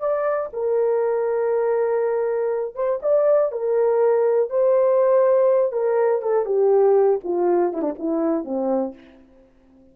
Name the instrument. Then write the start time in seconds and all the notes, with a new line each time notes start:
horn
0.00 D5
0.53 A#4
2.75 C5
3.02 D5
3.52 A#4
4.50 C5
5.72 A#4
6.22 A4
6.45 G4
7.24 F4
7.73 E4
7.82 D4
7.99 E4
8.45 C4